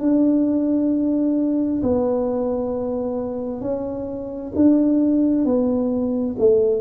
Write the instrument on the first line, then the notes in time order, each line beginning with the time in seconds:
tuba
0.00 D4
1.83 B3
3.61 C#4
4.55 D4
5.45 B3
6.39 A3